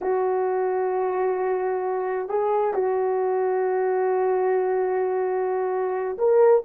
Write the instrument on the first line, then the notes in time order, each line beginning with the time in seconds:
horn
0.01 F#4
2.28 G#4
2.74 F#4
6.17 A#4